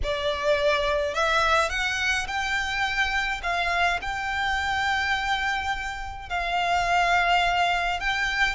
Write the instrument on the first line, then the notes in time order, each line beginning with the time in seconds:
violin
0.03 D5
1.14 E5
1.69 F#5
2.27 G5
3.43 F5
4.01 G5
6.29 F5
8.00 G5